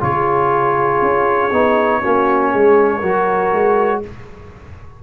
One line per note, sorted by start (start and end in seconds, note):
0.00 1.02 C#3
0.00 1.50 F4
0.00 2.01 G#4
0.00 4.03 C#5
1.02 1.52 C#4
1.52 2.02 B3
1.52 2.02 D#4
2.01 2.54 A#3
2.01 3.02 C#4
2.01 2.51 F#4
2.51 3.02 G#3
2.51 2.99 G#4
2.99 3.52 F#3
2.99 4.03 F#4
2.99 3.99 A#4
3.53 4.03 G#3